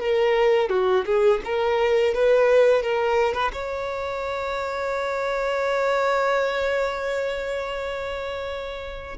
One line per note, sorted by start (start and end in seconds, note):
0.00 0.70 A#4
0.70 1.05 F#4
1.06 1.41 G#4
1.45 2.14 A#4
2.14 2.83 B4
2.83 3.34 A#4
3.34 3.51 B4
3.53 9.18 C#5